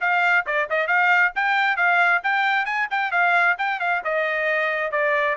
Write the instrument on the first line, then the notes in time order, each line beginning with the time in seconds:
trumpet
0.00 F5
0.46 D5
0.69 D#5
0.87 F5
1.35 G5
1.76 F5
2.23 G5
2.65 G#5
2.90 G5
3.11 F5
3.58 G5
3.79 F5
4.04 D#5
4.91 D5